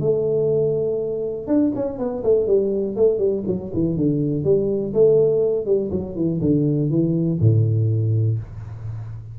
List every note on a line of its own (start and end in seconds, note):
0.00 1.47 A3
1.47 1.72 D4
1.75 1.99 C#4
1.99 2.23 B3
2.24 2.47 A3
2.47 2.96 G3
2.96 3.19 A3
3.19 3.43 G3
3.47 3.72 F#3
3.74 3.97 E3
3.97 4.44 D3
4.44 4.93 G3
4.94 5.66 A3
5.66 5.90 G3
5.91 6.16 F#3
6.16 6.40 E3
6.41 6.90 D3
6.90 7.39 E3
7.41 8.39 A2